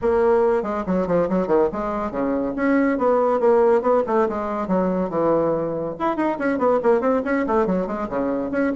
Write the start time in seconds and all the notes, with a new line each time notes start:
0.01 A#3
0.62 G#3
0.86 F#3
1.07 F3
1.29 F#3
1.47 D#3
1.72 G#3
2.11 C#3
2.55 C#4
2.97 B3
3.39 A#3
3.81 B3
4.06 A3
4.29 G#3
4.67 F#3
5.09 E3
5.99 E4
6.16 D#4
6.38 C#4
6.58 B3
6.82 A#3
7.00 C4
7.24 C#4
7.46 A3
7.66 F#3
7.86 G#3
8.09 C#3
8.51 C#4